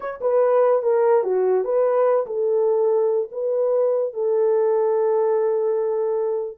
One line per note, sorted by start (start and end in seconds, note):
0.00 0.20 C#5
0.21 0.82 B4
0.82 1.23 A#4
1.23 1.64 F#4
1.64 2.25 B4
2.26 3.29 A4
3.31 4.13 B4
4.13 6.58 A4